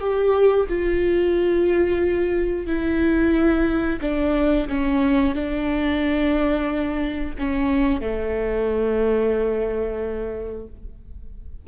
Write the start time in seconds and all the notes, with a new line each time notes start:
0.00 G4
0.69 F4
2.66 E4
4.01 D4
4.69 C#4
5.35 D4
7.38 C#4
8.01 A3